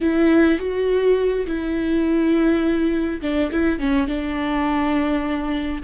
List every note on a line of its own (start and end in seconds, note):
0.00 0.58 E4
0.58 1.46 F#4
1.46 3.21 E4
3.21 3.50 D4
3.51 3.79 E4
3.79 4.07 C#4
4.07 5.82 D4